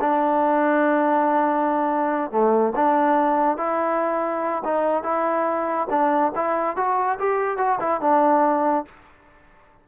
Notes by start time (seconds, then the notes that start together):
0.00 D4
2.31 A3
2.75 D4
3.57 E4
4.64 D#4
5.03 E4
5.90 D4
6.35 E4
6.76 F#4
7.19 G4
7.57 F#4
7.80 E4
8.00 D4